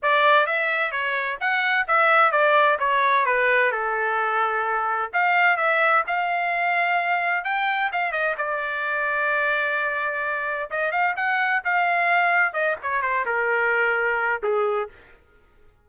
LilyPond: \new Staff \with { instrumentName = "trumpet" } { \time 4/4 \tempo 4 = 129 d''4 e''4 cis''4 fis''4 | e''4 d''4 cis''4 b'4 | a'2. f''4 | e''4 f''2. |
g''4 f''8 dis''8 d''2~ | d''2. dis''8 f''8 | fis''4 f''2 dis''8 cis''8 | c''8 ais'2~ ais'8 gis'4 | }